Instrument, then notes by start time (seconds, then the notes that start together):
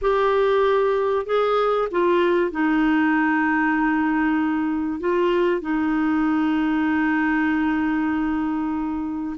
clarinet
0.01 G4
1.26 G#4
1.91 F4
2.51 D#4
5.00 F4
5.61 D#4